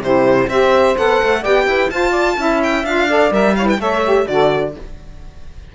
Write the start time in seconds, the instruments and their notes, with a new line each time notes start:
0.00 cello C3, saxophone E4 G4, violin C5
0.48 cello C4, saxophone G4 C5, violin E5
0.96 cello B3, saxophone A4, violin F#5
1.23 cello A3
1.41 cello B3, saxophone G4 D5, violin G5
1.67 cello E4, saxophone B4
1.90 saxophone F4 C5, cello F4, violin A5
2.10 saxophone D5
2.37 cello C#4, saxophone E4 E5
2.63 violin G5
2.84 cello D4, saxophone F4, violin F5
3.08 saxophone A4 D5
3.31 cello G3, saxophone A#4, violin E5
3.56 saxophone E4 C#5, violin F5
3.66 saxophone B4, violin G5
3.78 cello A3, saxophone A4 C#5, violin E5
4.04 saxophone G4
4.26 cello D3, saxophone F#4 A4, violin D5